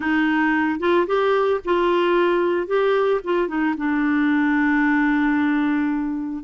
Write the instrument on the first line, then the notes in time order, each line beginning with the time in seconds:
clarinet
0.00 D#4
0.79 F4
1.06 G4
1.64 F4
2.67 G4
3.23 F4
3.48 D#4
3.77 D4